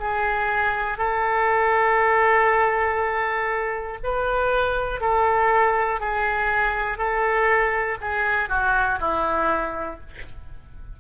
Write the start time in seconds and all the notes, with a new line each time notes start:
0.00 G#4
0.98 A4
4.04 B4
5.01 A4
6.00 G#4
6.98 A4
8.01 G#4
8.50 F#4
9.00 E4